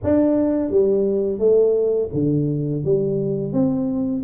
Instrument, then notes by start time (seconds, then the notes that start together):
tuba
0.03 D4
0.70 G3
1.38 A3
2.13 D3
2.84 G3
3.52 C4